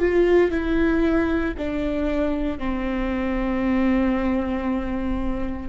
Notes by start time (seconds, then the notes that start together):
0.00 F4
0.51 E4
1.58 D4
2.59 C4